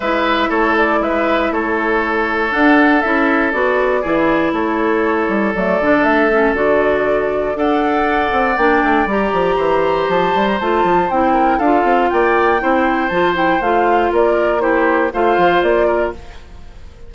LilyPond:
<<
  \new Staff \with { instrumentName = "flute" } { \time 4/4 \tempo 4 = 119 e''4 cis''8 d''8 e''4 cis''4~ | cis''4 fis''4 e''4 d''4~ | d''4 cis''2 d''4 | e''4 d''2 fis''4~ |
fis''4 g''4 ais''2 | a''8. ais''16 a''4 g''4 f''4 | g''2 a''8 g''8 f''4 | d''4 c''4 f''4 d''4 | }
  \new Staff \with { instrumentName = "oboe" } { \time 4/4 b'4 a'4 b'4 a'4~ | a'1 | gis'4 a'2.~ | a'2. d''4~ |
d''2. c''4~ | c''2~ c''8 ais'8 a'4 | d''4 c''2. | ais'4 g'4 c''4. ais'8 | }
  \new Staff \with { instrumentName = "clarinet" } { \time 4/4 e'1~ | e'4 d'4 e'4 fis'4 | e'2. a8 d'8~ | d'8 cis'8 fis'2 a'4~ |
a'4 d'4 g'2~ | g'4 f'4 e'4 f'4~ | f'4 e'4 f'8 e'8 f'4~ | f'4 e'4 f'2 | }
  \new Staff \with { instrumentName = "bassoon" } { \time 4/4 gis4 a4 gis4 a4~ | a4 d'4 cis'4 b4 | e4 a4. g8 fis8 d8 | a4 d2 d'4~ |
d'8 c'8 ais8 a8 g8 f8 e4 | f8 g8 a8 f8 c'4 d'8 c'8 | ais4 c'4 f4 a4 | ais2 a8 f8 ais4 | }
>>